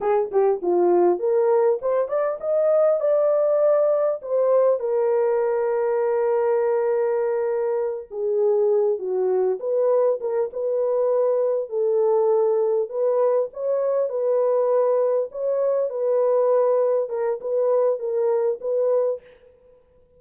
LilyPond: \new Staff \with { instrumentName = "horn" } { \time 4/4 \tempo 4 = 100 gis'8 g'8 f'4 ais'4 c''8 d''8 | dis''4 d''2 c''4 | ais'1~ | ais'4. gis'4. fis'4 |
b'4 ais'8 b'2 a'8~ | a'4. b'4 cis''4 b'8~ | b'4. cis''4 b'4.~ | b'8 ais'8 b'4 ais'4 b'4 | }